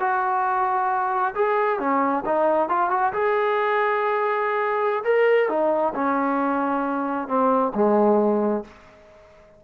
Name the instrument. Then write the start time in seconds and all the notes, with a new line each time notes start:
trombone
0.00 F#4
1.35 G#4
1.79 C#4
2.26 D#4
2.69 F4
2.90 F#4
3.13 G#4
5.05 A#4
5.49 D#4
5.95 C#4
7.28 C4
7.75 G#3